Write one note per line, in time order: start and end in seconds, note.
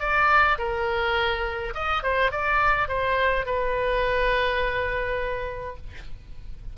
0.00 0.58 D5
0.58 1.74 A#4
1.74 2.03 D#5
2.03 2.32 C5
2.32 2.88 D5
2.88 3.46 C5
3.46 5.77 B4